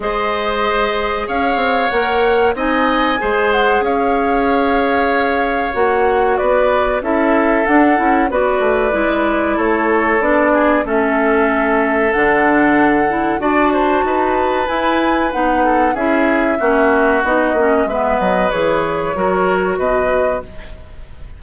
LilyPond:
<<
  \new Staff \with { instrumentName = "flute" } { \time 4/4 \tempo 4 = 94 dis''2 f''4 fis''4 | gis''4. fis''8 f''2~ | f''4 fis''4 d''4 e''4 | fis''4 d''2 cis''4 |
d''4 e''2 fis''4~ | fis''4 a''2 gis''4 | fis''4 e''2 dis''4 | e''8 dis''8 cis''2 dis''4 | }
  \new Staff \with { instrumentName = "oboe" } { \time 4/4 c''2 cis''2 | dis''4 c''4 cis''2~ | cis''2 b'4 a'4~ | a'4 b'2 a'4~ |
a'8 gis'8 a'2.~ | a'4 d''8 c''8 b'2~ | b'8 a'8 gis'4 fis'2 | b'2 ais'4 b'4 | }
  \new Staff \with { instrumentName = "clarinet" } { \time 4/4 gis'2. ais'4 | dis'4 gis'2.~ | gis'4 fis'2 e'4 | d'8 e'8 fis'4 e'2 |
d'4 cis'2 d'4~ | d'8 e'8 fis'2 e'4 | dis'4 e'4 cis'4 dis'8 cis'8 | b4 gis'4 fis'2 | }
  \new Staff \with { instrumentName = "bassoon" } { \time 4/4 gis2 cis'8 c'8 ais4 | c'4 gis4 cis'2~ | cis'4 ais4 b4 cis'4 | d'8 cis'8 b8 a8 gis4 a4 |
b4 a2 d4~ | d4 d'4 dis'4 e'4 | b4 cis'4 ais4 b8 ais8 | gis8 fis8 e4 fis4 b,4 | }
>>